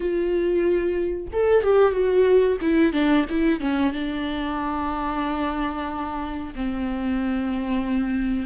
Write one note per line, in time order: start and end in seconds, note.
0.00 1.27 F4
1.33 1.63 A4
1.63 1.92 G4
1.92 2.57 F#4
2.61 2.93 E4
2.93 3.25 D4
3.29 3.60 E4
3.60 3.92 C#4
3.92 6.53 D4
6.55 8.46 C4